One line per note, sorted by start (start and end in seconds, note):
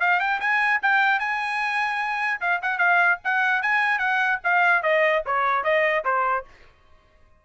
0.00 0.19 F5
0.19 0.39 G5
0.40 0.80 G#5
0.82 1.19 G5
1.19 2.40 G#5
2.40 2.60 F5
2.62 2.78 F#5
2.78 3.18 F5
3.24 3.62 F#5
3.62 3.98 G#5
3.98 4.38 F#5
4.43 4.82 F5
4.82 5.22 D#5
5.26 5.63 C#5
5.63 6.04 D#5
6.04 6.44 C5